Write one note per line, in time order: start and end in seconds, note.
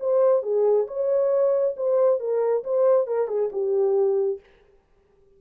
0.00 0.43 C5
0.43 0.87 G#4
0.88 1.75 C#5
1.77 2.20 C5
2.20 2.64 A#4
2.64 3.07 C5
3.07 3.28 A#4
3.28 3.50 G#4
3.53 4.40 G4